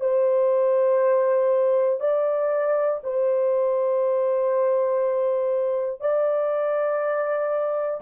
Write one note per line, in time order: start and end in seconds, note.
0.00 2.00 C5
2.00 3.00 D5
3.03 6.00 C5
6.00 8.00 D5